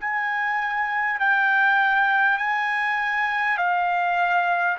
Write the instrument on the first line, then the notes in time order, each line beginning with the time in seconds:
trumpet
0.00 G#5
1.19 G5
2.38 G#5
3.58 F5